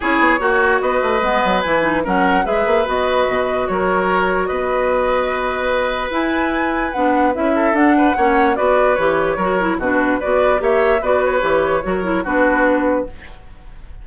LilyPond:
<<
  \new Staff \with { instrumentName = "flute" } { \time 4/4 \tempo 4 = 147 cis''2 dis''2 | gis''4 fis''4 e''4 dis''4~ | dis''4 cis''2 dis''4~ | dis''2. gis''4~ |
gis''4 fis''4 e''4 fis''4~ | fis''4 d''4 cis''2 | b'4 d''4 e''4 d''8 cis''8~ | cis''2 b'2 | }
  \new Staff \with { instrumentName = "oboe" } { \time 4/4 gis'4 fis'4 b'2~ | b'4 ais'4 b'2~ | b'4 ais'2 b'4~ | b'1~ |
b'2~ b'8 a'4 b'8 | cis''4 b'2 ais'4 | fis'4 b'4 cis''4 b'4~ | b'4 ais'4 fis'2 | }
  \new Staff \with { instrumentName = "clarinet" } { \time 4/4 e'4 fis'2 b4 | e'8 dis'8 cis'4 gis'4 fis'4~ | fis'1~ | fis'2. e'4~ |
e'4 d'4 e'4 d'4 | cis'4 fis'4 g'4 fis'8 e'8 | d'4 fis'4 g'4 fis'4 | g'4 fis'8 e'8 d'2 | }
  \new Staff \with { instrumentName = "bassoon" } { \time 4/4 cis'8 b8 ais4 b8 a8 gis8 fis8 | e4 fis4 gis8 ais8 b4 | b,4 fis2 b4~ | b2. e'4~ |
e'4 b4 cis'4 d'4 | ais4 b4 e4 fis4 | b,4 b4 ais4 b4 | e4 fis4 b2 | }
>>